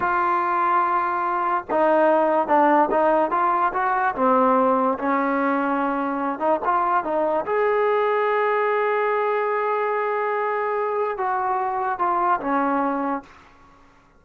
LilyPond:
\new Staff \with { instrumentName = "trombone" } { \time 4/4 \tempo 4 = 145 f'1 | dis'2 d'4 dis'4 | f'4 fis'4 c'2 | cis'2.~ cis'8 dis'8 |
f'4 dis'4 gis'2~ | gis'1~ | gis'2. fis'4~ | fis'4 f'4 cis'2 | }